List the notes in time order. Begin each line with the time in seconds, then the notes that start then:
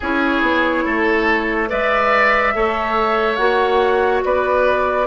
0.00 C#4 E4 G#4 C#5
0.42 B3
0.84 A3 A4
1.68 G#3 B4 D5 E5
2.54 A3 A4 C#5
3.36 A#3 F#4 F#5
4.24 B3 B4 D5